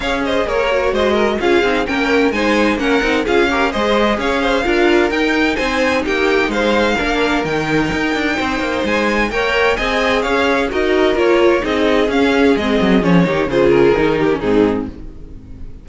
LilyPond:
<<
  \new Staff \with { instrumentName = "violin" } { \time 4/4 \tempo 4 = 129 f''8 dis''8 cis''4 dis''4 f''4 | g''4 gis''4 fis''4 f''4 | dis''4 f''2 g''4 | gis''4 g''4 f''2 |
g''2. gis''4 | g''4 gis''4 f''4 dis''4 | cis''4 dis''4 f''4 dis''4 | cis''4 c''8 ais'4. gis'4 | }
  \new Staff \with { instrumentName = "violin" } { \time 4/4 cis''8 c''8 ais'4 c''8 ais'8 gis'4 | ais'4 c''4 ais'4 gis'8 ais'8 | c''4 cis''8 c''8 ais'2 | c''4 g'4 c''4 ais'4~ |
ais'2 c''2 | cis''4 dis''4 cis''4 ais'4~ | ais'4 gis'2.~ | gis'8 g'8 gis'4. g'8 dis'4 | }
  \new Staff \with { instrumentName = "viola" } { \time 4/4 gis'4. fis'4. f'8 dis'8 | cis'4 dis'4 cis'8 dis'8 f'8 g'8 | gis'2 f'4 dis'4~ | dis'2. d'4 |
dis'1 | ais'4 gis'2 fis'4 | f'4 dis'4 cis'4 c'4 | cis'8 dis'8 f'4 dis'8. cis'16 c'4 | }
  \new Staff \with { instrumentName = "cello" } { \time 4/4 cis'4 ais4 gis4 cis'8 c'8 | ais4 gis4 ais8 c'8 cis'4 | gis4 cis'4 d'4 dis'4 | c'4 ais4 gis4 ais4 |
dis4 dis'8 d'8 c'8 ais8 gis4 | ais4 c'4 cis'4 dis'4 | ais4 c'4 cis'4 gis8 fis8 | f8 dis8 cis4 dis4 gis,4 | }
>>